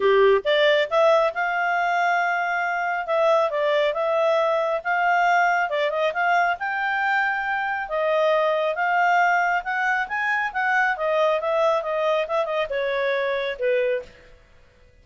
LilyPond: \new Staff \with { instrumentName = "clarinet" } { \time 4/4 \tempo 4 = 137 g'4 d''4 e''4 f''4~ | f''2. e''4 | d''4 e''2 f''4~ | f''4 d''8 dis''8 f''4 g''4~ |
g''2 dis''2 | f''2 fis''4 gis''4 | fis''4 dis''4 e''4 dis''4 | e''8 dis''8 cis''2 b'4 | }